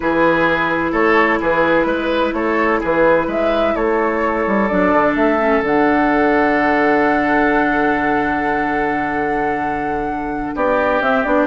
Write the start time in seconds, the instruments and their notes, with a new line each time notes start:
0.00 bassoon E3, clarinet E4, oboe G#4, flute B4
0.91 bassoon A3, oboe A4, flute C#5
1.40 bassoon E3, oboe G#4, flute B4
1.85 bassoon G#3, oboe B4
2.33 bassoon A3, oboe A4, flute C#5
2.80 bassoon E3, oboe G#4, flute B4
3.27 bassoon G#3, oboe B4, flute E5
3.75 bassoon A3, oboe A4, flute C#5
4.46 bassoon G3
4.67 bassoon F#3, clarinet D4, flute D5
4.93 bassoon D3
5.15 bassoon A3, flute E5
5.39 clarinet C#4
5.61 bassoon D3, clarinet D4, flute F#5
10.55 bassoon B3, oboe G4, flute D5
11.01 bassoon C4, clarinet C4, flute E5
11.23 bassoon B3, clarinet D4, flute D5